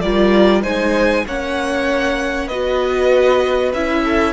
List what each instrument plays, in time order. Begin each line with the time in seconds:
0.00 cello G3, viola F4, violin A#4 D5
0.62 cello G#3, viola D#4, violin C5 G#5
1.26 cello A#3, viola C#4, violin C#5 F#5
2.47 cello B3, viola F#4, violin B4 D#5
3.73 cello C#4, viola E4, violin E5
4.04 violin A4